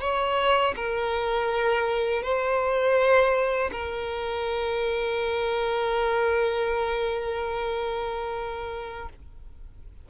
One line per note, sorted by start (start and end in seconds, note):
0.00 0.74 C#5
0.76 2.22 A#4
2.22 3.70 C5
3.71 9.08 A#4